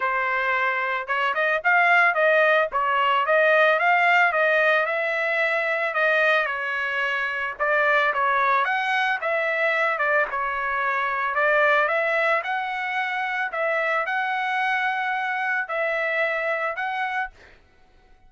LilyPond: \new Staff \with { instrumentName = "trumpet" } { \time 4/4 \tempo 4 = 111 c''2 cis''8 dis''8 f''4 | dis''4 cis''4 dis''4 f''4 | dis''4 e''2 dis''4 | cis''2 d''4 cis''4 |
fis''4 e''4. d''8 cis''4~ | cis''4 d''4 e''4 fis''4~ | fis''4 e''4 fis''2~ | fis''4 e''2 fis''4 | }